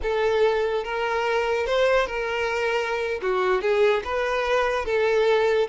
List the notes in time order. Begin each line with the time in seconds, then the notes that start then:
0.02 A4
0.84 A#4
1.66 C5
2.06 A#4
3.22 F#4
3.61 G#4
4.04 B4
4.85 A4